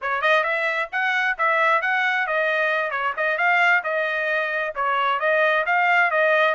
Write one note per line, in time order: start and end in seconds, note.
0.01 0.21 C#5
0.21 0.43 D#5
0.43 0.88 E5
0.92 1.37 F#5
1.38 1.81 E5
1.81 2.27 F#5
2.27 2.91 D#5
2.91 3.13 C#5
3.16 3.37 D#5
3.37 3.82 F5
3.83 4.73 D#5
4.75 5.19 C#5
5.19 5.64 D#5
5.65 6.10 F5
6.10 6.54 D#5